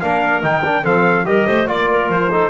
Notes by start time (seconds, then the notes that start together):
0.00 A#3 D4 A#4 F5
0.42 D#3 D#4 G5
0.64 D4
0.82 F3 C4 A4 F5
1.24 G3 G4 A#4 D#5
1.47 A3 C5
1.66 A#3 F4 D5
1.90 A#4
2.08 F3 C5
2.31 D#4 A4